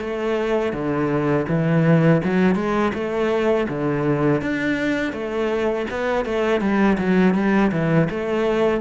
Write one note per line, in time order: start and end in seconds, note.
0.00 0.73 A3
0.73 1.46 D3
1.48 2.22 E3
2.24 2.55 F#3
2.55 2.92 G#3
2.94 3.67 A3
3.69 4.41 D3
4.41 5.13 D4
5.13 5.86 A3
5.90 6.25 B3
6.25 6.61 A3
6.61 6.97 G3
6.98 7.34 F#3
7.34 7.71 G3
7.72 8.08 E3
8.10 8.81 A3